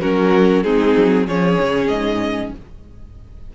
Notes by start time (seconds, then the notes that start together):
0.00 F#3 C#4 F#4 A#4
0.63 G#3 C4 D#4 G#4
0.96 F#3
1.26 F3 C#4 G#4 C#5
1.60 C#3
1.87 G#2 D#5